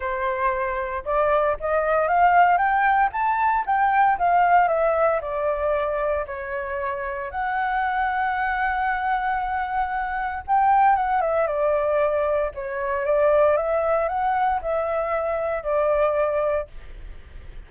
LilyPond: \new Staff \with { instrumentName = "flute" } { \time 4/4 \tempo 4 = 115 c''2 d''4 dis''4 | f''4 g''4 a''4 g''4 | f''4 e''4 d''2 | cis''2 fis''2~ |
fis''1 | g''4 fis''8 e''8 d''2 | cis''4 d''4 e''4 fis''4 | e''2 d''2 | }